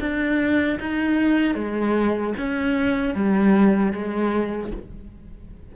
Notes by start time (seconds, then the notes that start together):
0.00 D4
0.80 D#4
1.55 G#3
2.38 C#4
3.15 G3
3.93 G#3